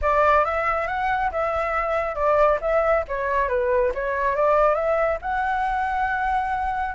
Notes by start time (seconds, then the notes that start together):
0.01 D5
0.44 E5
0.87 F#5
1.31 E5
2.15 D5
2.61 E5
3.08 C#5
3.48 B4
3.94 C#5
4.35 D5
4.74 E5
5.21 F#5